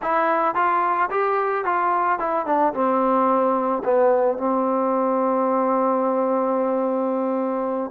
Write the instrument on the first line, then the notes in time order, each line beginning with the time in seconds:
trombone
0.01 E4
0.55 F4
1.10 G4
1.64 F4
2.19 E4
2.46 D4
2.73 C4
3.84 B3
4.37 C4